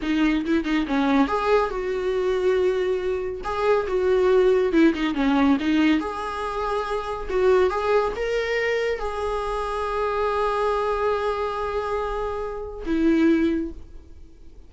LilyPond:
\new Staff \with { instrumentName = "viola" } { \time 4/4 \tempo 4 = 140 dis'4 e'8 dis'8 cis'4 gis'4 | fis'1 | gis'4 fis'2 e'8 dis'8 | cis'4 dis'4 gis'2~ |
gis'4 fis'4 gis'4 ais'4~ | ais'4 gis'2.~ | gis'1~ | gis'2 e'2 | }